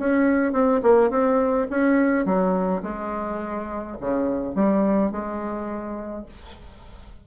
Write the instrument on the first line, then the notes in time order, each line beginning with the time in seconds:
bassoon
0.00 C#4
0.53 C4
0.83 A#3
1.11 C4
1.71 C#4
2.26 F#3
2.83 G#3
4.01 C#3
4.56 G3
5.12 G#3